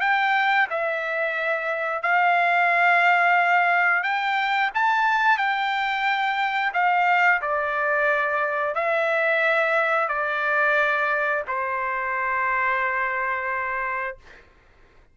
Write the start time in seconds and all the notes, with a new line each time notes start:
0.00 G5
0.70 E5
2.02 F5
4.03 G5
4.74 A5
5.37 G5
6.74 F5
7.41 D5
8.74 E5
10.08 D5
11.47 C5